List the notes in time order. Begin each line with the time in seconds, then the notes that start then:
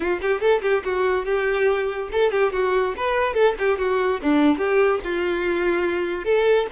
0.00 F4
0.21 G4
0.40 A4
0.62 G4
0.84 F#4
1.25 G4
2.11 A4
2.31 G4
2.52 F#4
2.96 B4
3.34 A4
3.59 G4
3.78 F#4
4.22 D4
4.58 G4
5.03 F4
6.25 A4